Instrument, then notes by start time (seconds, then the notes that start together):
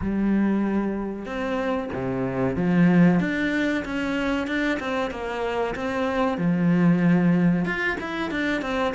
cello
0.01 G3
1.25 C4
1.93 C3
2.56 F3
3.20 D4
3.84 C#4
4.47 D4
4.79 C4
5.10 A#3
5.75 C4
6.37 F3
7.65 F4
8.00 E4
8.30 D4
8.61 C4